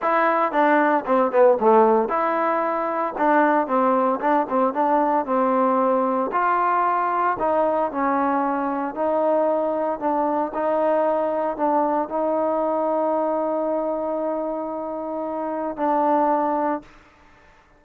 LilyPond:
\new Staff \with { instrumentName = "trombone" } { \time 4/4 \tempo 4 = 114 e'4 d'4 c'8 b8 a4 | e'2 d'4 c'4 | d'8 c'8 d'4 c'2 | f'2 dis'4 cis'4~ |
cis'4 dis'2 d'4 | dis'2 d'4 dis'4~ | dis'1~ | dis'2 d'2 | }